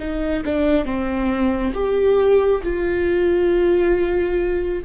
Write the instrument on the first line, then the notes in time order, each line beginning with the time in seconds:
viola
0.00 D#4
0.45 D4
0.85 C4
1.74 G4
2.64 F4